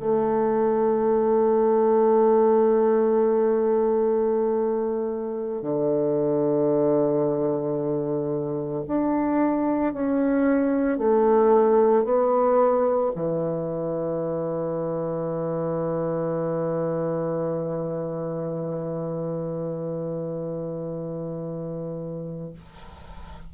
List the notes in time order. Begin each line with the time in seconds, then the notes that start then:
0.00 A3
5.62 D3
8.88 D4
9.94 C#4
10.98 A3
12.05 B3
13.16 E3